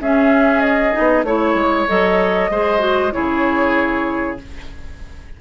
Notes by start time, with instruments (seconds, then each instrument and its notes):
0.00 bassoon C#4, clarinet C#4, oboe G#4, flute E5
0.61 flute D#5
0.92 clarinet D#4
0.99 bassoon B3
1.23 bassoon A3, clarinet E4, flute C#5, oboe C#5
1.54 bassoon G#3
1.88 bassoon F#3, clarinet A4, flute D#5
2.50 bassoon G#3, clarinet G#4, oboe C5
2.79 clarinet F#4
3.12 bassoon C#3, clarinet E4, oboe G#4, flute C#5